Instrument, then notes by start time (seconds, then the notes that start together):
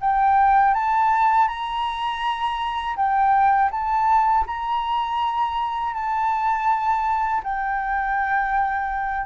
flute
0.00 G5
0.74 A5
1.47 A#5
2.96 G5
3.71 A5
4.46 A#5
5.94 A5
7.43 G5